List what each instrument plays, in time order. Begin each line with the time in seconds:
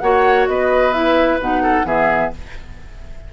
0.00 bassoon A#3, clarinet F#4, oboe C#5, flute F#5
0.48 bassoon B3, oboe B4, flute D#5
0.93 clarinet E4, flute E5
1.40 bassoon B2, clarinet D#4, flute F#5
1.63 oboe A4
1.85 bassoon E3, clarinet B3, oboe G#4, flute E5